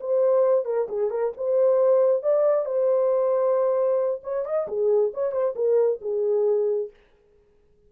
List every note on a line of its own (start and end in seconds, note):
0.00 0.65 C5
0.65 0.87 A#4
0.88 1.10 G#4
1.10 1.32 A#4
1.37 2.22 C5
2.22 2.65 D5
2.65 4.21 C5
4.23 4.45 C#5
4.45 4.67 D#5
4.68 5.12 G#4
5.13 5.32 C#5
5.32 5.54 C5
5.55 5.99 A#4
6.01 6.90 G#4